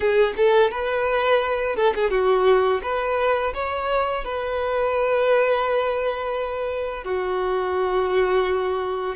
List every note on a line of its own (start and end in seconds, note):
0.00 0.33 G#4
0.36 0.71 A4
0.71 1.76 B4
1.76 1.93 A4
1.94 2.10 G#4
2.10 2.80 F#4
2.82 3.53 B4
3.54 4.24 C#5
4.24 7.04 B4
7.04 9.15 F#4